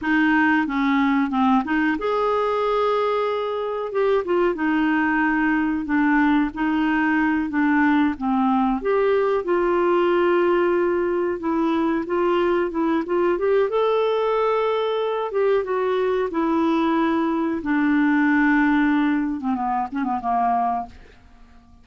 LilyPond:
\new Staff \with { instrumentName = "clarinet" } { \time 4/4 \tempo 4 = 92 dis'4 cis'4 c'8 dis'8 gis'4~ | gis'2 g'8 f'8 dis'4~ | dis'4 d'4 dis'4. d'8~ | d'8 c'4 g'4 f'4.~ |
f'4. e'4 f'4 e'8 | f'8 g'8 a'2~ a'8 g'8 | fis'4 e'2 d'4~ | d'4.~ d'16 c'16 b8 cis'16 b16 ais4 | }